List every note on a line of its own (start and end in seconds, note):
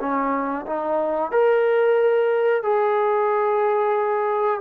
0.00 0.66 C#4
0.67 1.32 D#4
1.32 2.63 A#4
2.63 4.61 G#4